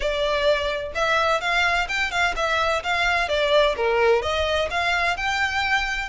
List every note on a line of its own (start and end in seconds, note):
0.00 0.92 D5
0.94 1.40 E5
1.40 1.87 F5
1.88 2.11 G5
2.11 2.34 F5
2.35 2.82 E5
2.83 3.28 F5
3.28 3.75 D5
3.76 4.22 A#4
4.22 4.69 D#5
4.70 5.16 F5
5.16 6.09 G5